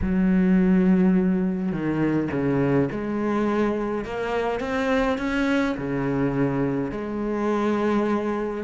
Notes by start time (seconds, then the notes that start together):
0.01 F#3
1.72 D#3
2.31 C#3
2.91 G#3
4.04 A#3
4.60 C4
5.18 C#4
5.77 C#3
6.91 G#3